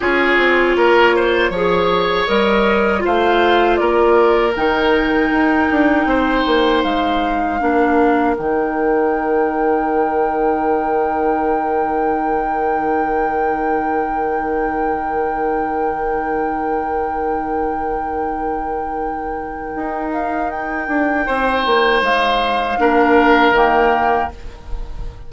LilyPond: <<
  \new Staff \with { instrumentName = "flute" } { \time 4/4 \tempo 4 = 79 cis''2. dis''4 | f''4 d''4 g''2~ | g''4 f''2 g''4~ | g''1~ |
g''1~ | g''1~ | g''2~ g''8 f''8 g''4~ | g''4 f''2 g''4 | }
  \new Staff \with { instrumentName = "oboe" } { \time 4/4 gis'4 ais'8 c''8 cis''2 | c''4 ais'2. | c''2 ais'2~ | ais'1~ |
ais'1~ | ais'1~ | ais'1 | c''2 ais'2 | }
  \new Staff \with { instrumentName = "clarinet" } { \time 4/4 f'2 gis'4 ais'4 | f'2 dis'2~ | dis'2 d'4 dis'4~ | dis'1~ |
dis'1~ | dis'1~ | dis'1~ | dis'2 d'4 ais4 | }
  \new Staff \with { instrumentName = "bassoon" } { \time 4/4 cis'8 c'8 ais4 f4 g4 | a4 ais4 dis4 dis'8 d'8 | c'8 ais8 gis4 ais4 dis4~ | dis1~ |
dis1~ | dis1~ | dis2 dis'4. d'8 | c'8 ais8 gis4 ais4 dis4 | }
>>